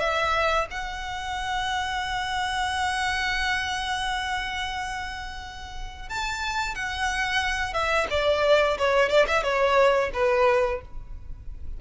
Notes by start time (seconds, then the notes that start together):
0.00 E5
0.71 F#5
6.09 A5
6.75 F#5
7.74 E5
8.11 D5
8.78 C#5
9.10 D5
9.28 E5
9.44 C#5
10.14 B4